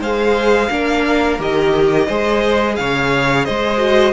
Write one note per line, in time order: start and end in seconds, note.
0.00 0.69 G#3
0.00 0.70 G#4
0.00 0.70 C5
0.00 1.41 F5
0.70 1.39 A#3
0.70 1.39 D4
0.70 2.07 A#4
1.39 2.08 D#3
1.39 2.07 G4
1.39 2.76 D#5
2.07 2.78 G#3
2.07 3.78 G#4
2.07 2.76 C5
2.76 3.48 C#3
2.76 3.45 C#5
2.76 3.45 F5
3.45 4.13 G#3
3.45 4.13 C5
3.45 4.13 D#5
3.78 4.12 F#4